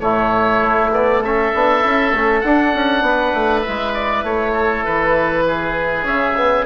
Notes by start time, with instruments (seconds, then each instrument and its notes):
0.00 bassoon A2, trombone A3, oboe E4 C#5
0.62 bassoon A3
0.92 trombone B3, oboe D5
1.22 trombone C#4, oboe A4 E5
1.54 bassoon B3, trombone D4
1.81 bassoon C#4, trombone E4
2.13 bassoon A3, trombone C#4
2.41 bassoon D4, trombone D4, oboe F#5
2.74 bassoon C#4
3.02 bassoon B3, oboe B4
3.34 bassoon A3
3.62 trombone E4, oboe E5
3.68 bassoon G#3
3.94 oboe D5
4.24 bassoon A3, oboe C#5
4.53 oboe A4
4.85 bassoon E3, oboe B4
5.48 oboe G#4
6.03 bassoon C#3, trombone C#4, oboe E5
6.37 trombone B3